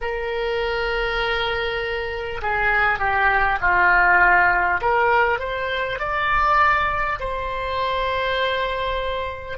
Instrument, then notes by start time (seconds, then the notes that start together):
oboe
0.01 A#4
2.42 G#4
2.98 G4
3.61 F4
4.81 A#4
5.39 C5
5.99 D5
7.19 C5